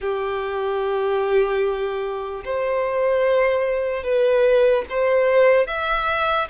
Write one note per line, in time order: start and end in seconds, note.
0.00 2.44 G4
2.45 4.03 C5
4.03 4.84 B4
4.89 5.66 C5
5.66 6.48 E5